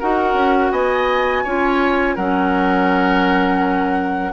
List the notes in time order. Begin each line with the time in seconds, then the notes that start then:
0.00 D#4 F#4 A#4 F#5
0.34 C#4
0.72 B3 D#5 G#5
1.44 C#4 F4 C#5
2.15 F#3 C#4 A#4 F#5